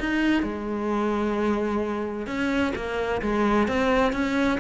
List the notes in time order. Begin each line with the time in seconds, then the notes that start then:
0.00 D#4
0.43 G#3
2.27 C#4
2.75 A#3
3.22 G#3
3.68 C4
4.13 C#4